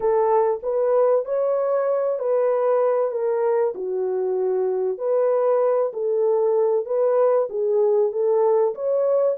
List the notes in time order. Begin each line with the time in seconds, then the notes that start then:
0.00 A4
0.62 B4
1.25 C#5
2.19 B4
3.11 A#4
3.74 F#4
4.98 B4
5.93 A4
6.85 B4
7.49 G#4
8.12 A4
8.74 C#5